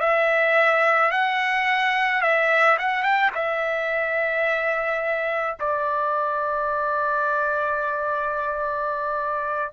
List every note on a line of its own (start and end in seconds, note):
0.00 1.11 E5
1.11 2.22 F#5
2.22 2.77 E5
2.78 3.03 F#5
3.03 3.30 G5
3.35 5.57 E5
5.60 9.73 D5